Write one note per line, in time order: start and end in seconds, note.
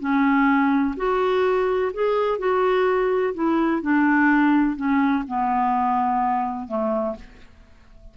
0.00 0.95 C#4
0.97 1.92 F#4
1.94 2.39 G#4
2.39 3.34 F#4
3.34 3.82 E4
3.82 4.76 D4
4.76 5.24 C#4
5.27 6.68 B3
6.68 7.16 A3